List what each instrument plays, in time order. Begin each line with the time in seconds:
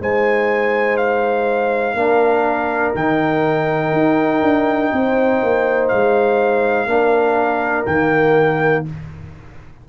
0.00 tuba G#3, trombone D#4, horn C5, trumpet G#5
0.97 trumpet F5
1.94 tuba A#3, trombone D4, horn A#4
2.95 tuba D#3, trombone D#4, trumpet G5
3.92 tuba D#4
4.42 tuba D4
4.92 tuba C4, horn C5
5.42 tuba A#3
5.88 tuba G#3, trumpet F5
6.86 tuba A#3, trombone D4, horn A#4
7.86 tuba D#3, trombone A#3, trumpet G5